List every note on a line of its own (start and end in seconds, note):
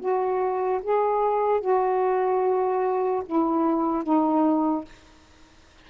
0.00 0.81 F#4
0.83 1.61 G#4
1.61 3.23 F#4
3.26 4.04 E4
4.04 4.85 D#4